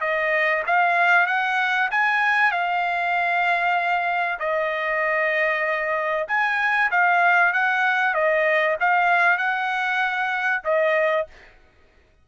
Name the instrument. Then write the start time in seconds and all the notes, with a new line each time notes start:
trumpet
0.00 D#5
0.66 F5
1.26 F#5
1.90 G#5
2.51 F5
4.39 D#5
6.28 G#5
6.91 F5
7.53 F#5
8.14 D#5
8.80 F5
9.37 F#5
10.64 D#5